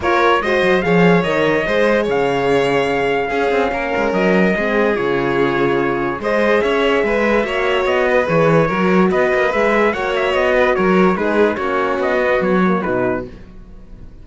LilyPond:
<<
  \new Staff \with { instrumentName = "trumpet" } { \time 4/4 \tempo 4 = 145 cis''4 dis''4 f''4 dis''4~ | dis''4 f''2.~ | f''2 dis''2 | cis''2. dis''4 |
e''2. dis''4 | cis''2 dis''4 e''4 | fis''8 e''8 dis''4 cis''4 b'4 | cis''4 dis''4 cis''4 b'4 | }
  \new Staff \with { instrumentName = "violin" } { \time 4/4 ais'4 c''4 cis''2 | c''4 cis''2. | gis'4 ais'2 gis'4~ | gis'2. c''4 |
cis''4 b'4 cis''4. b'8~ | b'4 ais'4 b'2 | cis''4. b'8 ais'4 gis'4 | fis'1 | }
  \new Staff \with { instrumentName = "horn" } { \time 4/4 f'4 fis'4 gis'4 ais'4 | gis'1 | cis'2. c'4 | f'2. gis'4~ |
gis'2 fis'2 | gis'4 fis'2 gis'4 | fis'2. dis'4 | cis'4. b4 ais8 dis'4 | }
  \new Staff \with { instrumentName = "cello" } { \time 4/4 ais4 gis8 fis8 f4 dis4 | gis4 cis2. | cis'8 c'8 ais8 gis8 fis4 gis4 | cis2. gis4 |
cis'4 gis4 ais4 b4 | e4 fis4 b8 ais8 gis4 | ais4 b4 fis4 gis4 | ais4 b4 fis4 b,4 | }
>>